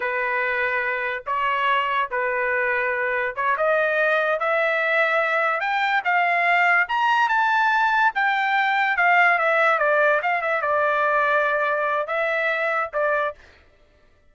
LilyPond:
\new Staff \with { instrumentName = "trumpet" } { \time 4/4 \tempo 4 = 144 b'2. cis''4~ | cis''4 b'2. | cis''8 dis''2 e''4.~ | e''4. g''4 f''4.~ |
f''8 ais''4 a''2 g''8~ | g''4. f''4 e''4 d''8~ | d''8 f''8 e''8 d''2~ d''8~ | d''4 e''2 d''4 | }